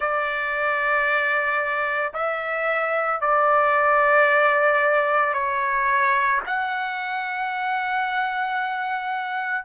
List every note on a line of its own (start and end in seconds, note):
0.00 2.12 D5
2.13 3.20 E5
3.20 5.33 D5
5.33 6.40 C#5
6.46 9.64 F#5